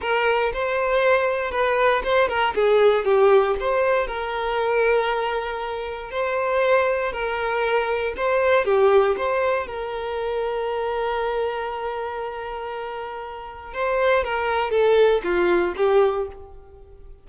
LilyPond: \new Staff \with { instrumentName = "violin" } { \time 4/4 \tempo 4 = 118 ais'4 c''2 b'4 | c''8 ais'8 gis'4 g'4 c''4 | ais'1 | c''2 ais'2 |
c''4 g'4 c''4 ais'4~ | ais'1~ | ais'2. c''4 | ais'4 a'4 f'4 g'4 | }